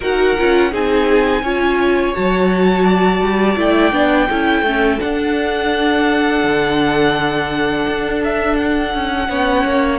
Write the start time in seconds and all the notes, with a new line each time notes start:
0.00 D#4 F#4 A#4 F#5
0.37 C#4 F4
0.70 C4 D#4 G#4 G#5
1.42 C#4 F4 C#5
2.14 F#3 F#4 A5
2.85 D5
3.20 G3
3.56 A3 E4 G5
3.92 B3 D4
4.28 C#4 E4 A4
4.62 A3 C#4
4.99 D4 F#5
6.43 D3
7.87 D4
8.24 E5
8.56 F#5
8.94 C#4
9.28 B3 C#4 C#5
9.65 A#3